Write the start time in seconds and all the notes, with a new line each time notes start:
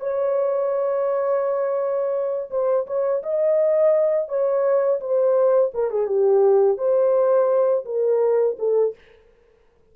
0.00 C#5
2.51 C5
2.87 C#5
3.23 D#5
4.29 C#5
5.00 C5
5.74 A#4
5.91 G#4
6.07 G4
6.78 C5
7.85 A#4
8.59 A4